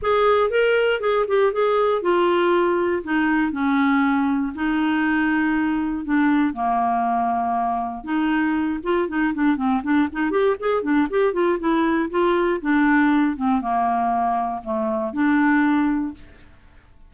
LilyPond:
\new Staff \with { instrumentName = "clarinet" } { \time 4/4 \tempo 4 = 119 gis'4 ais'4 gis'8 g'8 gis'4 | f'2 dis'4 cis'4~ | cis'4 dis'2. | d'4 ais2. |
dis'4. f'8 dis'8 d'8 c'8 d'8 | dis'8 g'8 gis'8 d'8 g'8 f'8 e'4 | f'4 d'4. c'8 ais4~ | ais4 a4 d'2 | }